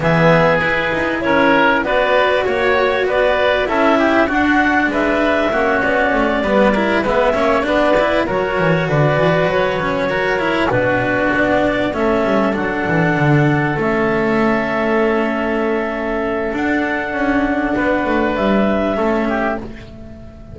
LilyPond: <<
  \new Staff \with { instrumentName = "clarinet" } { \time 4/4 \tempo 4 = 98 e''4 b'4 cis''4 d''4 | cis''4 d''4 e''4 fis''4 | e''4. d''2 e''8~ | e''8 d''4 cis''4 d''4 cis''8~ |
cis''4. b'4 d''4 e''8~ | e''8 fis''2 e''4.~ | e''2. fis''4~ | fis''2 e''2 | }
  \new Staff \with { instrumentName = "oboe" } { \time 4/4 gis'2 ais'4 b'4 | cis''4 b'4 a'8 g'8 fis'4 | b'4 fis'4. b'8 ais'8 b'8 | cis''8 b'4 ais'4 b'4.~ |
b'8 ais'4 fis'2 a'8~ | a'1~ | a'1~ | a'4 b'2 a'8 g'8 | }
  \new Staff \with { instrumentName = "cello" } { \time 4/4 b4 e'2 fis'4~ | fis'2 e'4 d'4~ | d'4 cis'4. b8 e'8 b8 | cis'8 d'8 e'8 fis'2~ fis'8 |
cis'8 fis'8 e'8 d'2 cis'8~ | cis'8 d'2 cis'4.~ | cis'2. d'4~ | d'2. cis'4 | }
  \new Staff \with { instrumentName = "double bass" } { \time 4/4 e4 e'8 dis'8 cis'4 b4 | ais4 b4 cis'4 d'4 | gis4 ais8 b8 a8 g4 gis8 | ais8 b4 fis8 e8 d8 e8 fis8~ |
fis4. b,4 b4 a8 | g8 fis8 e8 d4 a4.~ | a2. d'4 | cis'4 b8 a8 g4 a4 | }
>>